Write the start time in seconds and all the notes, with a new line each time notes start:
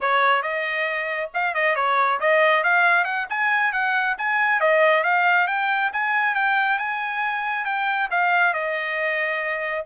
0.01 C#5
0.42 D#5
1.34 F5
1.54 D#5
1.75 C#5
2.20 D#5
2.63 F5
3.04 F#5
3.29 G#5
3.72 F#5
4.18 G#5
4.60 D#5
5.03 F5
5.47 G5
5.92 G#5
6.35 G5
6.78 G#5
7.64 G5
8.10 F5
8.53 D#5